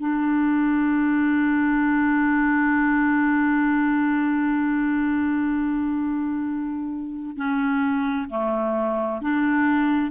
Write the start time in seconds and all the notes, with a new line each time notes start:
0.00 D4
7.36 C#4
8.29 A3
9.21 D4